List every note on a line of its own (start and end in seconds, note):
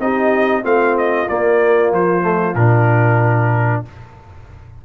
0.00 0.64 C4
0.00 0.63 D#4
0.00 0.63 G4
0.00 0.65 D#5
0.63 1.28 A3
0.63 1.27 C4
0.63 3.83 F4
0.63 0.98 F5
0.98 1.29 D#5
1.29 2.22 A#3
1.29 1.92 A#3
1.29 1.93 D5
1.92 2.55 F3
1.92 2.56 C5
2.22 2.54 A3
2.55 3.83 A#2
2.55 3.86 D4
2.55 3.83 A#4